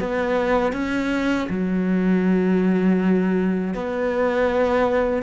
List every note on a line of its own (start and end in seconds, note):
0.00 0.73 B3
0.73 1.48 C#4
1.50 3.74 F#3
3.74 5.23 B3